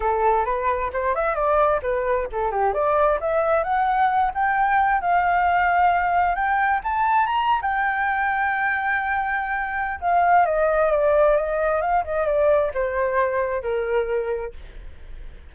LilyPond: \new Staff \with { instrumentName = "flute" } { \time 4/4 \tempo 4 = 132 a'4 b'4 c''8 e''8 d''4 | b'4 a'8 g'8 d''4 e''4 | fis''4. g''4. f''4~ | f''2 g''4 a''4 |
ais''8. g''2.~ g''16~ | g''2 f''4 dis''4 | d''4 dis''4 f''8 dis''8 d''4 | c''2 ais'2 | }